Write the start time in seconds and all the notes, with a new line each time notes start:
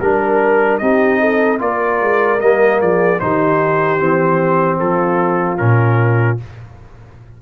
0.00 G3 D4 A#4
0.78 C4 D#4 G4 D#5
1.20 A4
1.59 A#3 F4 A#4 D5
2.01 G#3
2.39 G3 A#3 D#5
2.81 F3 G#4 D5
3.20 D#3 D#4 G4 C5
3.99 E3 C4
4.79 F3 F4 A4
5.57 A#2 C#4 A#4